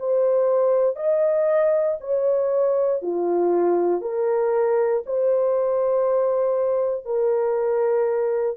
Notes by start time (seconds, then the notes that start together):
0.00 C5
0.96 D#5
2.01 C#5
3.02 F4
4.02 A#4
5.06 C5
7.05 A#4